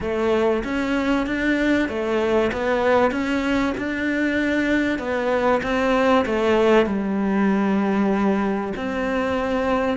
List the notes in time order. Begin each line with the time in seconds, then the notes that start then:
0.00 A3
0.63 C#4
1.26 D4
1.88 A3
2.52 B3
3.11 C#4
3.77 D4
4.98 B3
5.62 C4
6.25 A3
6.86 G3
8.76 C4